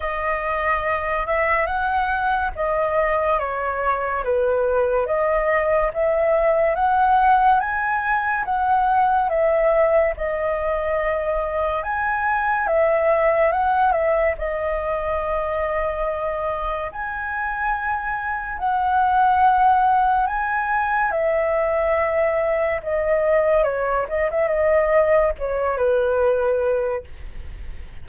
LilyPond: \new Staff \with { instrumentName = "flute" } { \time 4/4 \tempo 4 = 71 dis''4. e''8 fis''4 dis''4 | cis''4 b'4 dis''4 e''4 | fis''4 gis''4 fis''4 e''4 | dis''2 gis''4 e''4 |
fis''8 e''8 dis''2. | gis''2 fis''2 | gis''4 e''2 dis''4 | cis''8 dis''16 e''16 dis''4 cis''8 b'4. | }